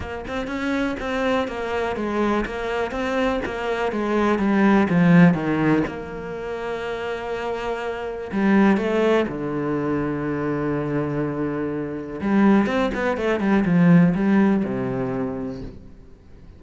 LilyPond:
\new Staff \with { instrumentName = "cello" } { \time 4/4 \tempo 4 = 123 ais8 c'8 cis'4 c'4 ais4 | gis4 ais4 c'4 ais4 | gis4 g4 f4 dis4 | ais1~ |
ais4 g4 a4 d4~ | d1~ | d4 g4 c'8 b8 a8 g8 | f4 g4 c2 | }